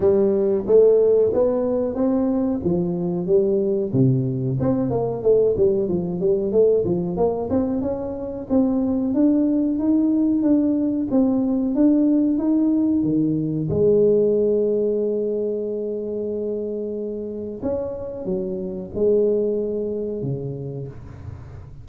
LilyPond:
\new Staff \with { instrumentName = "tuba" } { \time 4/4 \tempo 4 = 92 g4 a4 b4 c'4 | f4 g4 c4 c'8 ais8 | a8 g8 f8 g8 a8 f8 ais8 c'8 | cis'4 c'4 d'4 dis'4 |
d'4 c'4 d'4 dis'4 | dis4 gis2.~ | gis2. cis'4 | fis4 gis2 cis4 | }